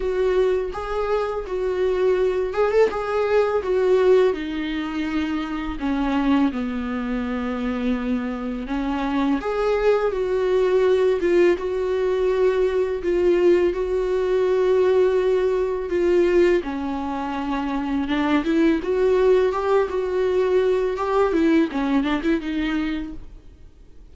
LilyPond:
\new Staff \with { instrumentName = "viola" } { \time 4/4 \tempo 4 = 83 fis'4 gis'4 fis'4. gis'16 a'16 | gis'4 fis'4 dis'2 | cis'4 b2. | cis'4 gis'4 fis'4. f'8 |
fis'2 f'4 fis'4~ | fis'2 f'4 cis'4~ | cis'4 d'8 e'8 fis'4 g'8 fis'8~ | fis'4 g'8 e'8 cis'8 d'16 e'16 dis'4 | }